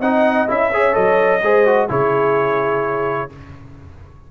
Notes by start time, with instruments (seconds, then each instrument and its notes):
0.00 tuba C4, trombone D#4, horn D#5, trumpet F#5
0.47 tuba C#4, trombone E4, trumpet E5
0.72 trombone G#4, horn C#5
0.92 tuba F#3, trombone A4, trumpet D#5
1.42 tuba G#3, trombone G#4, horn C5
1.65 trombone F#4
1.88 tuba C#3, trombone E4, horn G#4, trumpet C#5